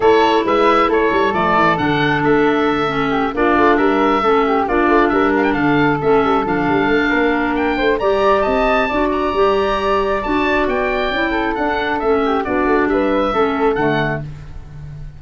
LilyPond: <<
  \new Staff \with { instrumentName = "oboe" } { \time 4/4 \tempo 4 = 135 cis''4 e''4 cis''4 d''4 | fis''4 e''2~ e''8 d''8~ | d''8 e''2 d''4 e''8 | f''16 g''16 f''4 e''4 f''4.~ |
f''4 g''4 ais''4 a''4~ | a''8 ais''2~ ais''8 a''4 | g''2 fis''4 e''4 | d''4 e''2 fis''4 | }
  \new Staff \with { instrumentName = "flute" } { \time 4/4 a'4 b'4 a'2~ | a'2. g'8 f'8~ | f'8 ais'4 a'8 g'8 f'4 ais'8~ | ais'8 a'2.~ a'8 |
ais'4. c''8 d''4 dis''4 | d''1~ | d''4. a'2 g'8 | fis'4 b'4 a'2 | }
  \new Staff \with { instrumentName = "clarinet" } { \time 4/4 e'2. a4 | d'2~ d'8 cis'4 d'8~ | d'4. cis'4 d'4.~ | d'4. cis'4 d'4.~ |
d'2 g'2 | fis'4 g'2 fis'4~ | fis'4 e'4 d'4 cis'4 | d'2 cis'4 a4 | }
  \new Staff \with { instrumentName = "tuba" } { \time 4/4 a4 gis4 a8 g8 f8 e8 | d4 a2~ a8 ais8 | a8 g4 a4 ais8 a8 g8~ | g8 d4 a8 g8 f8 g8 a8 |
ais4. a8 g4 c'4 | d'4 g2 d'4 | b4 cis'4 d'4 a4 | b8 a8 g4 a4 d4 | }
>>